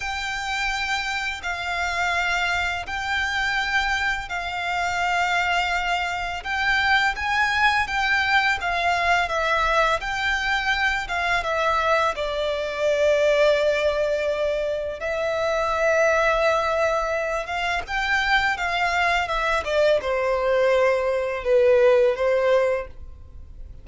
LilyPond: \new Staff \with { instrumentName = "violin" } { \time 4/4 \tempo 4 = 84 g''2 f''2 | g''2 f''2~ | f''4 g''4 gis''4 g''4 | f''4 e''4 g''4. f''8 |
e''4 d''2.~ | d''4 e''2.~ | e''8 f''8 g''4 f''4 e''8 d''8 | c''2 b'4 c''4 | }